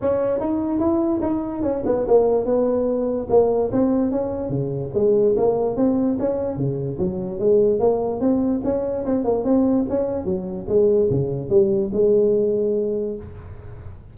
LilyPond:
\new Staff \with { instrumentName = "tuba" } { \time 4/4 \tempo 4 = 146 cis'4 dis'4 e'4 dis'4 | cis'8 b8 ais4 b2 | ais4 c'4 cis'4 cis4 | gis4 ais4 c'4 cis'4 |
cis4 fis4 gis4 ais4 | c'4 cis'4 c'8 ais8 c'4 | cis'4 fis4 gis4 cis4 | g4 gis2. | }